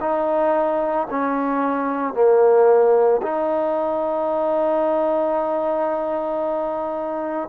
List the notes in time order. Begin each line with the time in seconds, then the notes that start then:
0.00 D#4
1.11 C#4
2.14 A#3
3.22 D#4